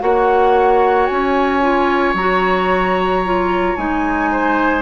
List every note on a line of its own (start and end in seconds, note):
0.00 1.09 A#3
0.00 1.61 F#4
0.00 4.31 C#5
0.00 1.07 F#5
1.07 2.14 C#4
1.07 2.14 G#5
1.62 2.15 F4
2.14 3.75 F#3
2.14 3.25 F#4
2.14 3.77 A#5
3.25 3.78 F4
3.77 4.82 G#3
3.77 4.82 D#4
3.77 4.82 G#5
4.32 4.82 C5